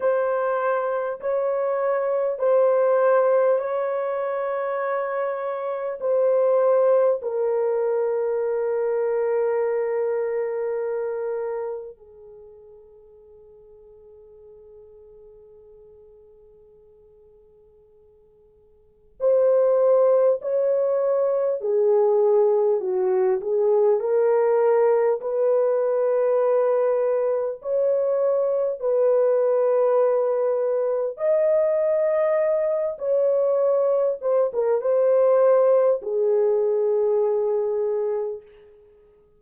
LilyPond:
\new Staff \with { instrumentName = "horn" } { \time 4/4 \tempo 4 = 50 c''4 cis''4 c''4 cis''4~ | cis''4 c''4 ais'2~ | ais'2 gis'2~ | gis'1 |
c''4 cis''4 gis'4 fis'8 gis'8 | ais'4 b'2 cis''4 | b'2 dis''4. cis''8~ | cis''8 c''16 ais'16 c''4 gis'2 | }